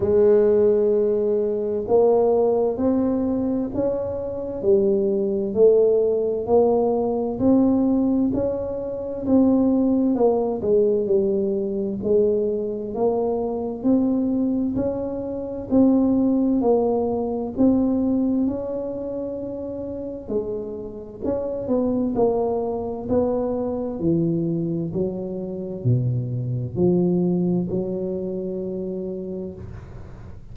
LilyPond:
\new Staff \with { instrumentName = "tuba" } { \time 4/4 \tempo 4 = 65 gis2 ais4 c'4 | cis'4 g4 a4 ais4 | c'4 cis'4 c'4 ais8 gis8 | g4 gis4 ais4 c'4 |
cis'4 c'4 ais4 c'4 | cis'2 gis4 cis'8 b8 | ais4 b4 e4 fis4 | b,4 f4 fis2 | }